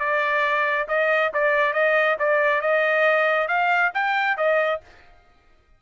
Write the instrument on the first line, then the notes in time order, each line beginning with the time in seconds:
trumpet
0.00 D5
0.88 D#5
1.34 D5
1.74 D#5
2.20 D5
2.61 D#5
3.48 F5
3.94 G5
4.38 D#5